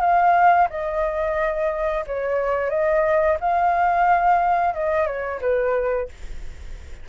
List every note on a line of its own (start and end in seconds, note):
0.00 0.67 F5
0.69 2.04 D#5
2.06 2.69 C#5
2.69 3.37 D#5
3.40 4.73 F5
4.73 5.06 D#5
5.06 5.40 C#5
5.41 6.08 B4